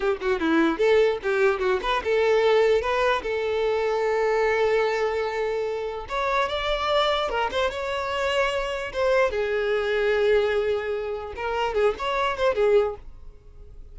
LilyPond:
\new Staff \with { instrumentName = "violin" } { \time 4/4 \tempo 4 = 148 g'8 fis'8 e'4 a'4 g'4 | fis'8 b'8 a'2 b'4 | a'1~ | a'2. cis''4 |
d''2 ais'8 c''8 cis''4~ | cis''2 c''4 gis'4~ | gis'1 | ais'4 gis'8 cis''4 c''8 gis'4 | }